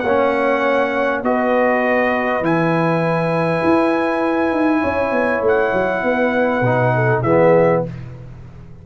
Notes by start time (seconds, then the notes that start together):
0.00 A#3 C#5 F#5
0.07 C#4
1.22 B3 F#4 B4 D#5
2.41 E3 E4 G#5
3.63 E4
4.51 D#4
4.81 C#4 C#5
5.11 B3
5.41 A3
5.47 F#5
5.73 F#3
6.03 B3 B4
6.61 B2 D#4
6.94 A4
7.22 E3 B3 G#4 E5